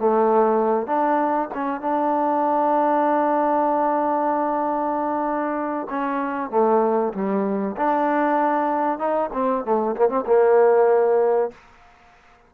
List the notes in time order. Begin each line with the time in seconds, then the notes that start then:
0.00 A3
0.87 D4
1.55 C#4
1.81 D4
5.90 C#4
6.51 A3
7.14 G3
7.77 D4
8.99 D#4
9.34 C4
9.65 A3
9.97 A#3
10.09 C4
10.26 A#3